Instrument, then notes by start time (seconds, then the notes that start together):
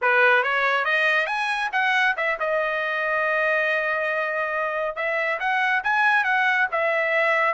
trumpet
0.01 B4
0.43 C#5
0.84 D#5
1.26 G#5
1.72 F#5
2.16 E5
2.39 D#5
4.96 E5
5.39 F#5
5.83 G#5
6.24 F#5
6.71 E5